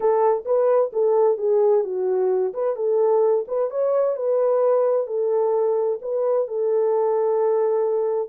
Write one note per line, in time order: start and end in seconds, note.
0.00 0.44 A4
0.45 0.91 B4
0.92 1.37 A4
1.37 1.83 G#4
1.84 2.53 F#4
2.53 2.76 B4
2.76 3.45 A4
3.47 3.70 B4
3.70 4.16 C#5
4.16 5.06 B4
5.06 5.99 A4
6.01 6.47 B4
6.47 8.28 A4